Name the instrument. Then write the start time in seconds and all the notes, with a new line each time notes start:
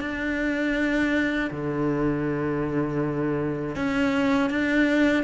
cello
0.00 D4
1.51 D3
3.75 C#4
4.49 D4